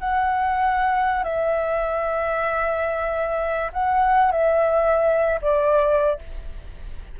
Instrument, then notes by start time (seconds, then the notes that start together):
flute
0.00 F#5
1.24 E5
3.73 F#5
4.32 E5
5.42 D5